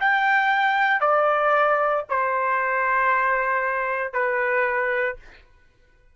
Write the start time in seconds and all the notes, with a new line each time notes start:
0.00 G5
1.00 D5
2.09 C5
4.12 B4